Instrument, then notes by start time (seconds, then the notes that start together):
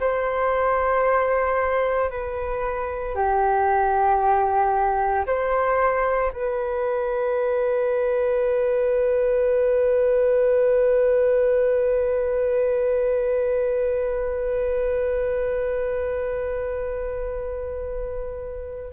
flute
0.00 C5
2.10 B4
3.15 G4
5.26 C5
6.32 B4